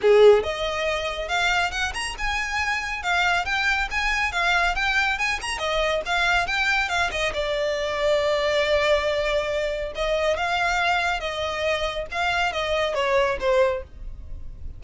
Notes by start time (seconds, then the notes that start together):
0.01 G#4
0.43 D#5
1.28 F5
1.71 F#5
1.94 A#5
2.18 G#5
3.02 F5
3.45 G5
3.90 G#5
4.32 F5
4.75 G5
5.18 G#5
5.41 A#5
5.58 D#5
6.05 F5
6.46 G5
6.88 F5
7.11 D#5
7.33 D5
9.95 D#5
10.36 F5
11.20 D#5
12.11 F5
12.52 D#5
12.94 C#5
13.40 C5